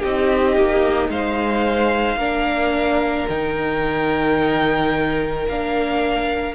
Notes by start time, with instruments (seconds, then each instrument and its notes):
0.00 cello C4, viola D#4, violin G4 D#5
0.56 cello A#3
1.09 cello G#3, violin C5 F5
2.16 cello A#3, viola D4, violin A#4
3.29 cello D#3, viola D#4, violin G5
5.48 cello A#3, viola D4, violin F5